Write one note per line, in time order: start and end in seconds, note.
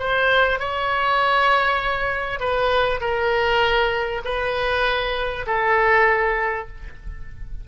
0.00 0.60 C5
0.60 2.40 C#5
2.40 3.01 B4
3.01 4.22 A#4
4.25 5.47 B4
5.47 6.68 A4